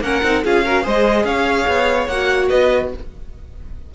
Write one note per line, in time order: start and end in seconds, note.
0.00 0.21 A#3
0.00 0.23 C#4
0.00 0.44 A#4
0.00 0.44 F#5
0.23 0.43 C4
0.23 0.44 D#4
0.44 0.86 C#4
0.44 0.65 F4
0.44 0.65 G#4
0.44 0.87 F5
0.65 0.83 F#4
0.65 0.83 A#4
0.83 1.24 G#3
0.83 2.07 G#4
0.83 1.24 C5
0.83 1.25 D#5
1.24 1.66 C#4
1.24 2.48 C#5
1.24 2.07 F5
1.67 2.07 B3
2.07 2.49 A#3
2.07 2.94 F#4
2.07 2.48 F#5
2.48 2.93 B3
2.48 2.89 B4
2.48 2.90 D#5